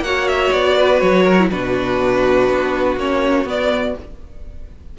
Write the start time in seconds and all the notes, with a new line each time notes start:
0.00 A#3 F#4 C#5 F#5
0.28 E5
0.52 B3 D5
0.77 B4
1.00 F#3 C#5
1.23 A#4
1.39 E4
1.51 B2 D4 F#4 B4
2.49 B3
2.97 A#3 C#4 C#5
3.45 B3 D5